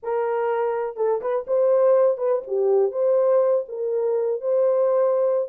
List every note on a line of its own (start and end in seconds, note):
0.02 0.96 A#4
0.96 1.20 A4
1.21 1.45 B4
1.47 2.17 C5
2.17 2.42 B4
2.47 2.91 G4
2.91 3.64 C5
3.68 4.41 A#4
4.41 5.48 C5